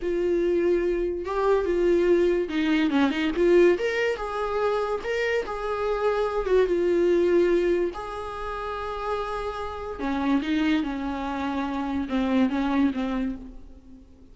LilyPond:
\new Staff \with { instrumentName = "viola" } { \time 4/4 \tempo 4 = 144 f'2. g'4 | f'2 dis'4 cis'8 dis'8 | f'4 ais'4 gis'2 | ais'4 gis'2~ gis'8 fis'8 |
f'2. gis'4~ | gis'1 | cis'4 dis'4 cis'2~ | cis'4 c'4 cis'4 c'4 | }